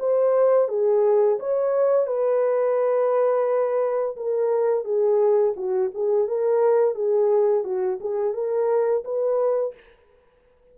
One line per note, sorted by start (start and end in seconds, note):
0.00 0.69 C5
0.69 1.39 G#4
1.40 2.07 C#5
2.07 4.17 B4
4.17 4.85 A#4
4.85 5.55 G#4
5.57 5.92 F#4
5.95 6.28 G#4
6.28 6.95 A#4
6.95 7.64 G#4
7.64 7.99 F#4
8.01 8.34 G#4
8.34 9.04 A#4
9.05 9.75 B4